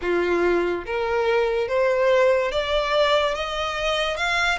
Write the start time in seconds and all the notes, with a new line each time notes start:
0.01 F4
0.85 A#4
1.68 C5
2.51 D5
3.34 D#5
4.16 F5